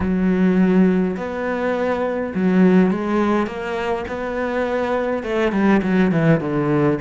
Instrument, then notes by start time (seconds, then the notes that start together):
cello
0.00 F#3
1.17 B3
2.35 F#3
2.90 G#3
3.46 A#3
4.08 B3
5.23 A3
5.52 G3
5.82 F#3
6.11 E3
6.40 D3